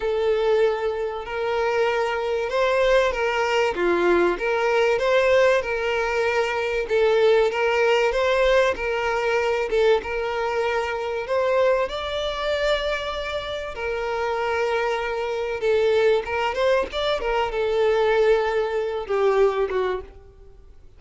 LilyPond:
\new Staff \with { instrumentName = "violin" } { \time 4/4 \tempo 4 = 96 a'2 ais'2 | c''4 ais'4 f'4 ais'4 | c''4 ais'2 a'4 | ais'4 c''4 ais'4. a'8 |
ais'2 c''4 d''4~ | d''2 ais'2~ | ais'4 a'4 ais'8 c''8 d''8 ais'8 | a'2~ a'8 g'4 fis'8 | }